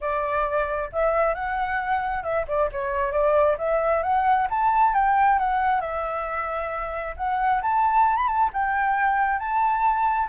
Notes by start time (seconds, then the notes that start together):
0.00 D5
0.92 E5
1.34 F#5
2.23 E5
2.47 D5
2.72 C#5
3.12 D5
3.57 E5
4.02 F#5
4.49 A5
4.94 G5
5.38 F#5
5.80 E5
7.16 F#5
7.62 A5
8.16 B5
8.27 A5
8.53 G5
9.39 A5